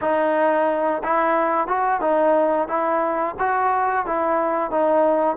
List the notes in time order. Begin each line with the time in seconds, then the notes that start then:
0.01 D#4
1.03 E4
1.67 F#4
2.00 D#4
2.68 E4
3.39 F#4
4.06 E4
4.70 D#4